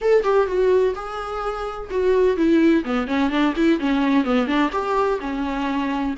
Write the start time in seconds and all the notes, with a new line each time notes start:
0.01 A4
0.23 G4
0.47 F#4
0.95 G#4
1.90 F#4
2.36 E4
2.84 B3
3.07 C#4
3.30 D4
3.55 E4
3.79 C#4
4.24 B3
4.47 D4
4.71 G4
5.20 C#4